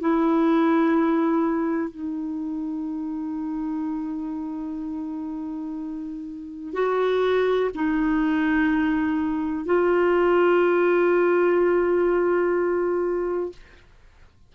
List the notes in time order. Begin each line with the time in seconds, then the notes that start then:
0.00 E4
1.90 D#4
6.73 F#4
7.75 D#4
9.65 F4